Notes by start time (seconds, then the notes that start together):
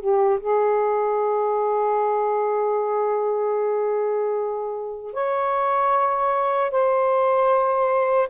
0.00 G4
0.39 G#4
5.13 C#5
6.71 C5